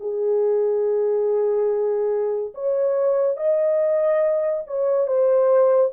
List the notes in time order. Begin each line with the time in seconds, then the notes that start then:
0.00 G#4
2.54 C#5
3.37 D#5
4.67 C#5
5.07 C5